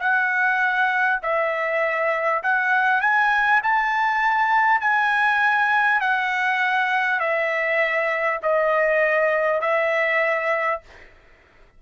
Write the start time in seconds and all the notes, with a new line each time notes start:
0.00 F#5
1.23 E5
2.43 F#5
3.01 G#5
3.63 A5
4.81 G#5
6.01 F#5
7.20 E5
8.43 D#5
9.62 E5